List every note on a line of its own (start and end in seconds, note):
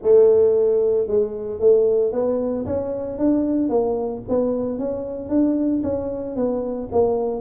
0.02 1.07 A3
1.07 1.60 G#3
1.60 2.12 A3
2.12 2.65 B3
2.65 3.18 C#4
3.18 3.69 D4
3.69 4.22 A#3
4.28 4.78 B3
4.78 5.29 C#4
5.29 5.82 D4
5.83 6.36 C#4
6.36 6.89 B3
6.91 7.40 A#3